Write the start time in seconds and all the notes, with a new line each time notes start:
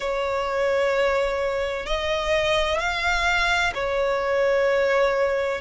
0.00 C#5
1.86 D#5
2.79 F5
3.74 C#5